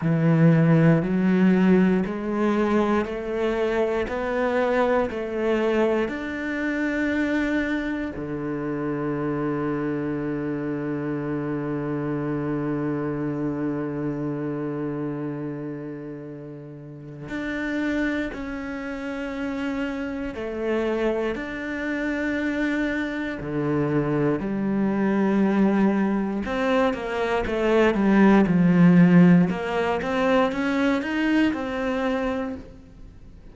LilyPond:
\new Staff \with { instrumentName = "cello" } { \time 4/4 \tempo 4 = 59 e4 fis4 gis4 a4 | b4 a4 d'2 | d1~ | d1~ |
d4 d'4 cis'2 | a4 d'2 d4 | g2 c'8 ais8 a8 g8 | f4 ais8 c'8 cis'8 dis'8 c'4 | }